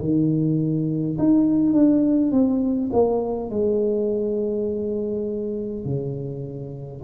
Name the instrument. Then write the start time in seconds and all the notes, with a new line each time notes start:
tuba
0.00 D#3
1.19 D#4
1.73 D4
2.32 C4
2.93 A#3
3.50 G#3
5.85 C#3